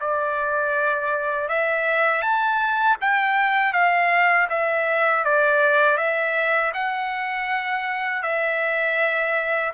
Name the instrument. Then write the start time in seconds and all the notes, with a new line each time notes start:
trumpet
0.00 D5
1.49 E5
2.22 A5
3.01 G5
3.73 F5
4.49 E5
5.25 D5
5.97 E5
6.74 F#5
8.23 E5